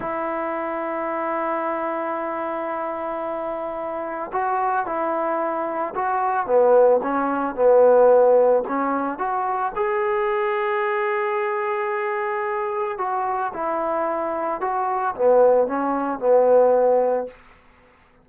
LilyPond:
\new Staff \with { instrumentName = "trombone" } { \time 4/4 \tempo 4 = 111 e'1~ | e'1 | fis'4 e'2 fis'4 | b4 cis'4 b2 |
cis'4 fis'4 gis'2~ | gis'1 | fis'4 e'2 fis'4 | b4 cis'4 b2 | }